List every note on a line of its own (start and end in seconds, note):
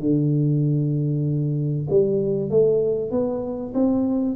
0.00 1.88 D3
1.90 2.50 G3
2.50 3.11 A3
3.11 3.74 B3
3.74 4.36 C4